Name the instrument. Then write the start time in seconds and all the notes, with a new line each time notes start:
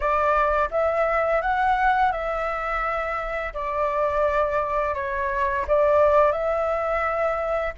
flute
0.00 D5
0.71 E5
1.41 F#5
2.12 E5
3.53 D5
4.94 C#5
5.67 D5
6.32 E5